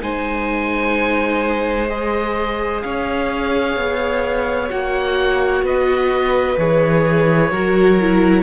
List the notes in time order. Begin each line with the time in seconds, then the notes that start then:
0.00 G#3 D#4 C5 G#5
1.88 G#4 D#5
2.82 C#4 C#5 F5
3.76 B3
4.69 A#3 F#4 F#5
5.62 B3 B4 D#5
6.58 E3 G#4 C#5
7.51 F#3 F#4 A#4
8.00 E4